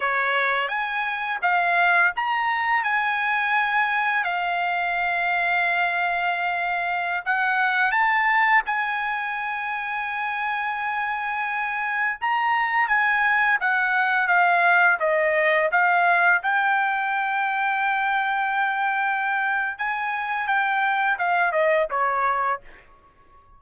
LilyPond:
\new Staff \with { instrumentName = "trumpet" } { \time 4/4 \tempo 4 = 85 cis''4 gis''4 f''4 ais''4 | gis''2 f''2~ | f''2~ f''16 fis''4 a''8.~ | a''16 gis''2.~ gis''8.~ |
gis''4~ gis''16 ais''4 gis''4 fis''8.~ | fis''16 f''4 dis''4 f''4 g''8.~ | g''1 | gis''4 g''4 f''8 dis''8 cis''4 | }